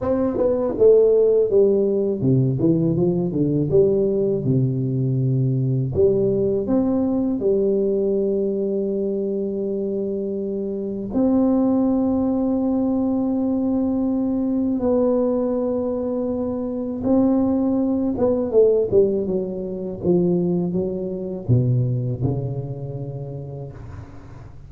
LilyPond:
\new Staff \with { instrumentName = "tuba" } { \time 4/4 \tempo 4 = 81 c'8 b8 a4 g4 c8 e8 | f8 d8 g4 c2 | g4 c'4 g2~ | g2. c'4~ |
c'1 | b2. c'4~ | c'8 b8 a8 g8 fis4 f4 | fis4 b,4 cis2 | }